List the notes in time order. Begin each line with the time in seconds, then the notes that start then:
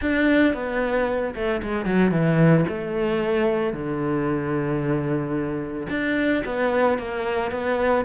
0.01 D4
0.54 B3
1.34 A3
1.62 G#3
1.85 F#3
2.11 E3
2.68 A3
3.73 D3
5.89 D4
6.45 B3
6.98 A#3
7.51 B3